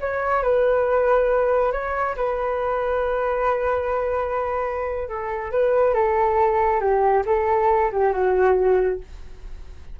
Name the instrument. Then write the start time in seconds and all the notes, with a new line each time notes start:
flute
0.00 C#5
0.43 B4
1.72 C#5
2.16 B4
5.08 A4
5.51 B4
5.94 A4
6.80 G4
7.25 A4
7.91 G4
8.13 F#4